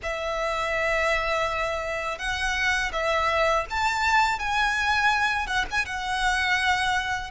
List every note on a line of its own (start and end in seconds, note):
0.02 2.18 E5
2.18 2.91 F#5
2.92 3.65 E5
3.70 4.39 A5
4.39 5.46 G#5
5.46 5.65 F#5
5.70 5.85 G#5
5.85 7.30 F#5